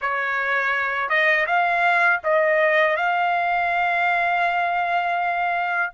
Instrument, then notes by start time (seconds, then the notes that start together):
trumpet
0.01 C#5
1.09 D#5
1.46 F5
2.23 D#5
2.96 F5